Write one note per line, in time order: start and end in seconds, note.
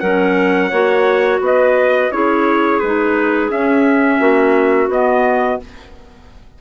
0.00 0.71 F#3
0.00 0.71 C#4
0.00 0.70 A#4
0.00 1.40 F#5
0.70 1.40 A#3
0.70 2.11 F#4
0.70 1.39 C#5
1.40 2.09 B3
1.40 2.12 B4
1.40 2.12 D#5
2.11 2.81 C#4
2.11 2.81 E4
2.11 4.20 G#4
2.11 2.80 C#5
2.80 3.50 G#3
2.80 3.49 D#4
2.80 3.49 B4
3.49 4.89 C#4
3.49 4.20 C#4
3.49 4.91 E5
4.20 4.88 A#3
4.20 5.59 F#4
4.88 5.58 B3
4.88 5.61 B3
4.88 5.61 D#5